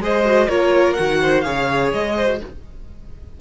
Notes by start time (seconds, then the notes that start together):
0.00 G#3 G#4 C5 D#5
0.25 F#4
0.48 A#3 F4 A#4 C#5
0.93 D#3 F#4 F#5
1.21 C5
1.41 C#3 G#4 C#5 F5
1.93 G#3 D#5
2.16 C5
2.25 F#4